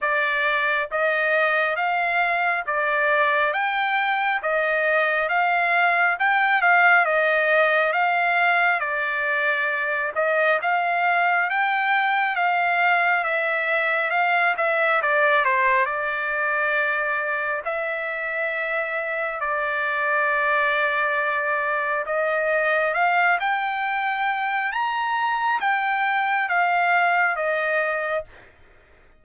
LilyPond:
\new Staff \with { instrumentName = "trumpet" } { \time 4/4 \tempo 4 = 68 d''4 dis''4 f''4 d''4 | g''4 dis''4 f''4 g''8 f''8 | dis''4 f''4 d''4. dis''8 | f''4 g''4 f''4 e''4 |
f''8 e''8 d''8 c''8 d''2 | e''2 d''2~ | d''4 dis''4 f''8 g''4. | ais''4 g''4 f''4 dis''4 | }